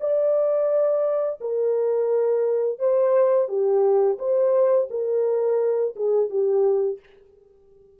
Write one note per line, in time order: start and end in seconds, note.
0.00 1.40 D5
1.40 2.79 A#4
2.79 3.48 C5
3.48 4.18 G4
4.18 4.88 C5
4.90 5.95 A#4
5.96 6.29 G#4
6.29 6.99 G4